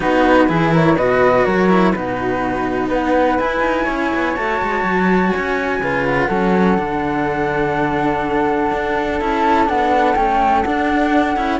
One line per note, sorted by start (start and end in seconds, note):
0.00 0.49 B3
0.00 0.48 D#4
0.00 0.48 F#4
0.00 0.72 B4
0.48 0.96 E3
0.48 0.96 E4
0.48 0.72 G#4
0.72 0.96 A#4
0.72 0.96 C#5
0.96 1.44 B2
0.96 1.69 F#4
0.96 1.44 B4
0.96 1.44 D#5
1.44 1.94 F#3
1.44 1.93 A#4
1.44 1.92 C#5
1.69 1.93 E4
1.92 2.90 B2
1.92 3.38 D#4
1.92 2.88 F#4
1.92 2.89 B4
2.88 3.38 B3
2.88 3.84 B4
2.88 3.39 F#5
3.38 4.35 E4
3.38 3.59 E4
3.38 4.35 G#5
3.59 3.84 D#4
3.84 4.12 C#4
3.84 5.78 C#5
4.14 4.37 B3
4.35 4.61 A3
4.35 5.81 F#4
4.35 5.32 A5
4.61 4.83 G#3
4.83 5.31 F#3
5.32 5.79 C#4
5.32 6.04 G#5
5.79 6.28 C#3
5.79 6.30 F4
5.79 6.27 B4
6.06 9.20 F#5
6.27 6.77 F#3
6.27 6.78 C#4
6.27 11.59 A4
6.77 8.71 D3
6.77 9.19 D4
8.72 9.21 D4
9.19 9.69 C#4
9.19 9.66 E4
9.19 9.68 A5
9.66 10.15 B3
9.66 10.14 D4
9.66 10.15 F#5
10.15 10.64 A3
10.15 10.64 C#4
10.15 10.63 G5
10.63 11.36 D4
10.63 11.37 D4
10.63 11.59 F#5
11.36 11.60 C#4
11.36 11.60 E4